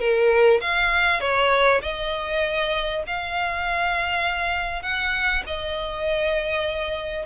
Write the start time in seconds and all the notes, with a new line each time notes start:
0.00 A#4
0.61 F5
1.21 C#5
1.83 D#5
3.07 F5
4.83 F#5
5.47 D#5